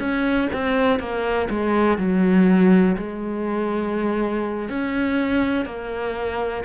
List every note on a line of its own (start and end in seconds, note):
0.00 0.49 C#4
0.54 1.00 C4
1.00 1.49 A#3
1.50 1.98 G#3
1.98 2.96 F#3
2.98 4.69 G#3
4.69 5.66 C#4
5.66 6.64 A#3